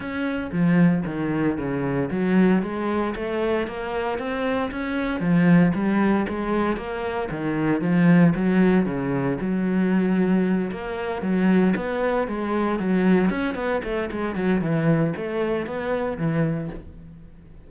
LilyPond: \new Staff \with { instrumentName = "cello" } { \time 4/4 \tempo 4 = 115 cis'4 f4 dis4 cis4 | fis4 gis4 a4 ais4 | c'4 cis'4 f4 g4 | gis4 ais4 dis4 f4 |
fis4 cis4 fis2~ | fis8 ais4 fis4 b4 gis8~ | gis8 fis4 cis'8 b8 a8 gis8 fis8 | e4 a4 b4 e4 | }